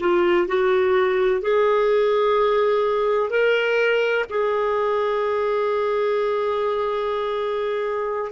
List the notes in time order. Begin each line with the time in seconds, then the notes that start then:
0.00 F4
0.48 F#4
1.42 G#4
3.30 A#4
4.29 G#4